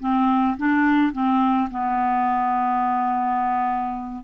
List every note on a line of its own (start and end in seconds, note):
0.00 0.57 C4
0.57 1.12 D4
1.12 1.70 C4
1.71 4.24 B3